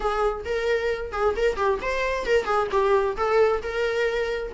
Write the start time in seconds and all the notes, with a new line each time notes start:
0.00 G#4
0.44 A#4
1.12 G#4
1.36 A#4
1.56 G4
1.81 C5
2.26 A#4
2.44 G#4
2.71 G4
3.16 A4
3.62 A#4